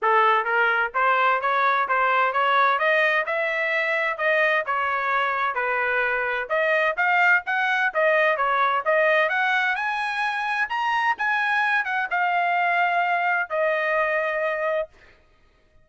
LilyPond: \new Staff \with { instrumentName = "trumpet" } { \time 4/4 \tempo 4 = 129 a'4 ais'4 c''4 cis''4 | c''4 cis''4 dis''4 e''4~ | e''4 dis''4 cis''2 | b'2 dis''4 f''4 |
fis''4 dis''4 cis''4 dis''4 | fis''4 gis''2 ais''4 | gis''4. fis''8 f''2~ | f''4 dis''2. | }